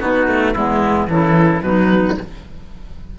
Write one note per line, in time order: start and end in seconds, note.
0.00 0.55 B2
0.00 0.28 B3
0.00 0.54 D#4
0.00 0.53 F#4
0.28 0.55 A3
0.53 1.09 E2
0.53 1.07 G#3
0.53 1.09 B3
0.53 1.07 E4
1.07 1.61 C#3
1.07 1.61 E3
1.07 1.65 E4
1.07 1.63 A4
1.61 2.15 B2
1.61 2.17 F#3
1.61 2.19 D#4
1.61 2.17 B4